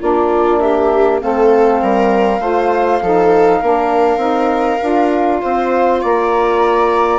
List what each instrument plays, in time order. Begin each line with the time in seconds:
0.00 bassoon A#3, saxophone D4, viola F4, flute D5
0.59 viola G4, flute E5
1.19 bassoon A3, saxophone C4, viola A4, flute F5
1.82 bassoon G3, viola A#4
2.40 bassoon A3, saxophone F4, viola C5
3.01 bassoon F3, saxophone D#4, viola A4
3.60 bassoon A#3, saxophone D4, viola A#4
4.16 bassoon C4, saxophone D#4
4.80 bassoon D4, saxophone F4
5.41 bassoon C4, viola C5
6.01 bassoon A#3, viola D5, flute A#5